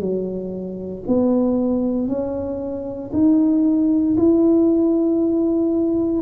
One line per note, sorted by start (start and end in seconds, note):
0.00 1.03 F#3
1.07 2.08 B3
2.08 3.11 C#4
3.13 4.16 D#4
4.18 6.22 E4